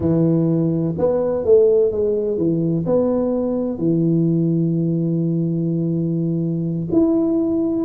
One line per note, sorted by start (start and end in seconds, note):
0.00 0.94 E3
0.97 1.45 B3
1.45 1.91 A3
1.91 2.37 G#3
2.37 2.85 E3
2.86 3.78 B3
3.78 6.87 E3
6.91 7.85 E4